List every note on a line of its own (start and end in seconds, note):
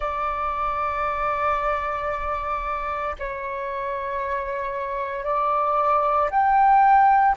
0.00 3.15 D5
3.19 5.24 C#5
5.24 6.29 D5
6.30 7.35 G5